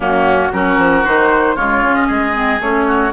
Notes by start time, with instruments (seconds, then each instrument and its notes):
0.00 bassoon F#2, clarinet A#3, oboe C#4, flute F#4
0.52 bassoon F#3, clarinet C#4, oboe F#4, flute A#4
0.77 bassoon F3
1.04 bassoon D#3, clarinet D#4, flute C5
1.55 bassoon C#3, clarinet G#3, oboe F4, flute C#5
1.82 clarinet C#4
1.95 flute D#5
2.07 bassoon G#3, oboe G#4
2.33 clarinet C4
2.60 bassoon A3, clarinet C#4, flute C#5
2.87 oboe F#4